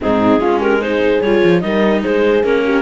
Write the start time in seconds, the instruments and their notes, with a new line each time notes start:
0.00 cello G#2, viola C4, horn D#4, clarinet G#4
0.39 cello G#3, viola C#4, horn F4
0.59 horn G4, clarinet A#4
0.80 viola D#4, horn G#4, clarinet C5
1.21 cello G3, viola F4, clarinet C#5
1.44 cello F3
1.60 cello G3, viola D#4, horn A#4, clarinet D#5
2.01 cello G#3, horn G#4, clarinet C5
2.43 cello A#3, viola C#4, clarinet A#4
2.64 horn G4